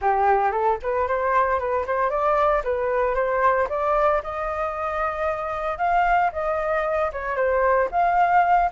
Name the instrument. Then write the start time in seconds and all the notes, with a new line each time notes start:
flute
0.01 G4
0.51 A4
0.82 B4
1.07 C5
1.59 B4
1.86 C5
2.10 D5
2.64 B4
3.15 C5
3.69 D5
4.23 D#5
5.78 F5
6.32 D#5
7.12 C#5
7.35 C5
7.91 F5